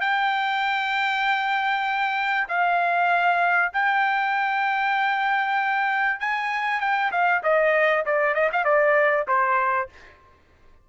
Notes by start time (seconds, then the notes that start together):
0.00 G5
2.48 F5
3.73 G5
6.20 G#5
6.80 G5
7.11 F5
7.43 D#5
8.06 D5
8.34 D#5
8.52 F5
8.64 D5
9.27 C5